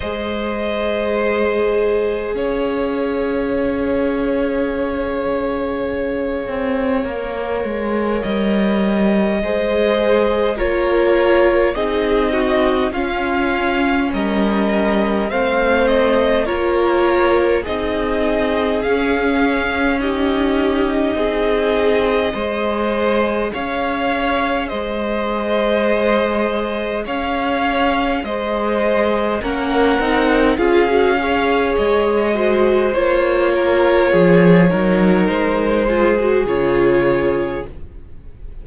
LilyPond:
<<
  \new Staff \with { instrumentName = "violin" } { \time 4/4 \tempo 4 = 51 dis''2 f''2~ | f''2. dis''4~ | dis''4 cis''4 dis''4 f''4 | dis''4 f''8 dis''8 cis''4 dis''4 |
f''4 dis''2. | f''4 dis''2 f''4 | dis''4 fis''4 f''4 dis''4 | cis''2 c''4 cis''4 | }
  \new Staff \with { instrumentName = "violin" } { \time 4/4 c''2 cis''2~ | cis''1 | c''4 ais'4 gis'8 fis'8 f'4 | ais'4 c''4 ais'4 gis'4~ |
gis'4 g'4 gis'4 c''4 | cis''4 c''2 cis''4 | c''4 ais'4 gis'8 cis''4 c''8~ | c''8 ais'8 gis'8 ais'4 gis'4. | }
  \new Staff \with { instrumentName = "viola" } { \time 4/4 gis'1~ | gis'2 ais'2 | gis'4 f'4 dis'4 cis'4~ | cis'4 c'4 f'4 dis'4 |
cis'4 dis'2 gis'4~ | gis'1~ | gis'4 cis'8 dis'8 f'16 fis'16 gis'4 fis'8 | f'4. dis'4 f'16 fis'16 f'4 | }
  \new Staff \with { instrumentName = "cello" } { \time 4/4 gis2 cis'2~ | cis'4. c'8 ais8 gis8 g4 | gis4 ais4 c'4 cis'4 | g4 a4 ais4 c'4 |
cis'2 c'4 gis4 | cis'4 gis2 cis'4 | gis4 ais8 c'8 cis'4 gis4 | ais4 f8 fis8 gis4 cis4 | }
>>